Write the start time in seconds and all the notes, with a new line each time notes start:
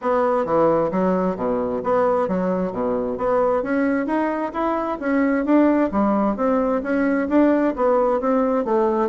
0.01 B3
0.45 E3
0.91 F#3
1.36 B2
1.83 B3
2.27 F#3
2.72 B2
3.17 B3
3.62 C#4
4.06 D#4
4.53 E4
4.99 C#4
5.45 D4
5.91 G3
6.36 C4
6.82 C#4
7.29 D4
7.76 B3
8.20 C4
8.64 A3